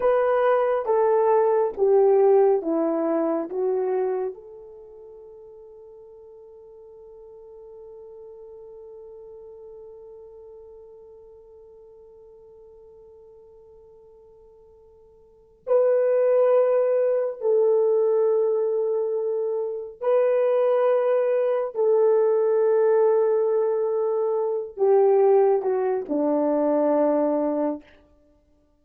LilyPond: \new Staff \with { instrumentName = "horn" } { \time 4/4 \tempo 4 = 69 b'4 a'4 g'4 e'4 | fis'4 a'2.~ | a'1~ | a'1~ |
a'2 b'2 | a'2. b'4~ | b'4 a'2.~ | a'8 g'4 fis'8 d'2 | }